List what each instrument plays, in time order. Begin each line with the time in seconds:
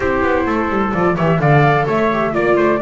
0.00 double bass C4, viola E4, trumpet G4, flute C5
0.22 double bass B3
0.45 double bass A3, trumpet A4
0.69 double bass G3
0.92 double bass F3, viola F4, flute D5
1.16 double bass E3, viola G4, trumpet C#5, flute E5
1.39 double bass D3, viola A4, trumpet D5, flute F5
1.85 double bass A3, trumpet C#5, flute E5
2.12 viola G4
2.32 double bass A#3, viola F4, flute D5, trumpet D5
2.56 double bass A3, trumpet C5